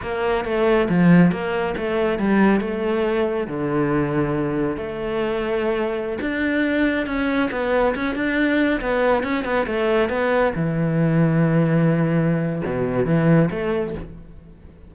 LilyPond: \new Staff \with { instrumentName = "cello" } { \time 4/4 \tempo 4 = 138 ais4 a4 f4 ais4 | a4 g4 a2 | d2. a4~ | a2~ a16 d'4.~ d'16~ |
d'16 cis'4 b4 cis'8 d'4~ d'16~ | d'16 b4 cis'8 b8 a4 b8.~ | b16 e2.~ e8.~ | e4 b,4 e4 a4 | }